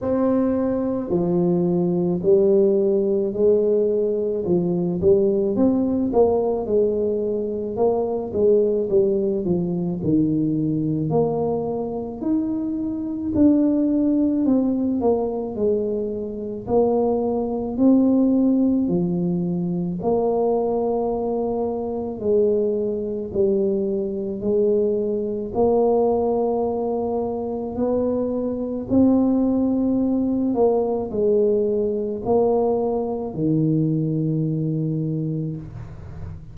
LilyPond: \new Staff \with { instrumentName = "tuba" } { \time 4/4 \tempo 4 = 54 c'4 f4 g4 gis4 | f8 g8 c'8 ais8 gis4 ais8 gis8 | g8 f8 dis4 ais4 dis'4 | d'4 c'8 ais8 gis4 ais4 |
c'4 f4 ais2 | gis4 g4 gis4 ais4~ | ais4 b4 c'4. ais8 | gis4 ais4 dis2 | }